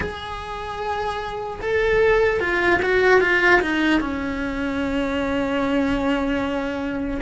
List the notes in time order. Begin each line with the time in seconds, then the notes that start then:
0.00 G#4
1.61 A4
2.40 F4
2.82 F#4
3.20 F4
3.61 D#4
4.00 C#4